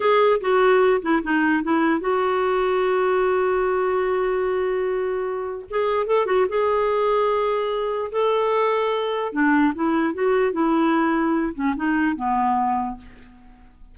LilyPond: \new Staff \with { instrumentName = "clarinet" } { \time 4/4 \tempo 4 = 148 gis'4 fis'4. e'8 dis'4 | e'4 fis'2.~ | fis'1~ | fis'2 gis'4 a'8 fis'8 |
gis'1 | a'2. d'4 | e'4 fis'4 e'2~ | e'8 cis'8 dis'4 b2 | }